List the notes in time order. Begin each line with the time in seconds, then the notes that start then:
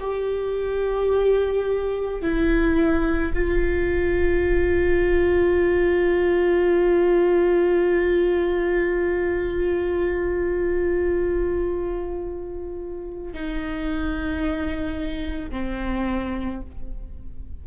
0.00 G4
2.22 E4
3.34 F4
13.33 D#4
15.51 C4